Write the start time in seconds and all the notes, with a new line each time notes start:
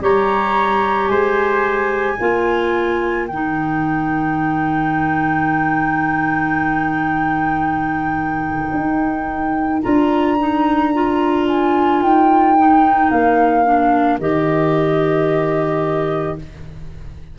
0.00 G3 G4 C#5 A#5
1.08 G#3 C5 G#5
2.16 A#3 F4 A#4
3.27 D#3 D#4 G5
8.74 D#4
9.82 D4 F4 A#5
10.39 D#4
10.94 F4
11.47 G#5
12.01 D#4 G5
12.58 D#4
13.10 A#3 F5
13.64 D4
14.19 D#3 G4 D#5